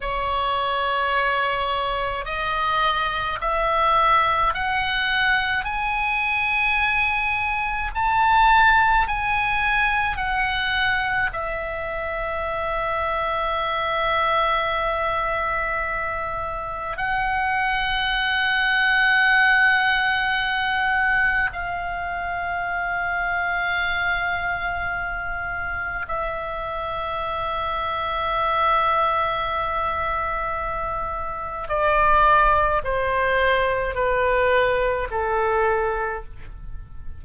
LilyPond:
\new Staff \with { instrumentName = "oboe" } { \time 4/4 \tempo 4 = 53 cis''2 dis''4 e''4 | fis''4 gis''2 a''4 | gis''4 fis''4 e''2~ | e''2. fis''4~ |
fis''2. f''4~ | f''2. e''4~ | e''1 | d''4 c''4 b'4 a'4 | }